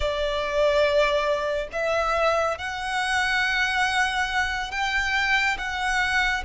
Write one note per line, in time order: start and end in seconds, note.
0.00 1.68 D5
1.72 2.58 E5
2.58 4.71 F#5
4.71 5.57 G5
5.58 6.43 F#5